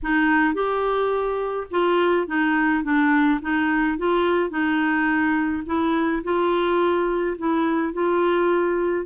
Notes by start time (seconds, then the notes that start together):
0.03 D#4
0.54 G4
1.70 F4
2.27 D#4
2.83 D4
3.41 D#4
3.98 F4
4.50 D#4
5.66 E4
6.23 F4
7.38 E4
7.93 F4